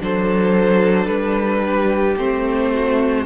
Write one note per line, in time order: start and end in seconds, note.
0.00 1.07 F#3
0.00 2.17 D4
0.00 1.65 A4
0.00 1.06 C5
1.06 2.16 G3
1.06 2.15 B4
1.65 2.73 G4
2.17 3.26 A3
2.17 3.26 C4
2.17 3.26 C5
2.73 3.26 F#4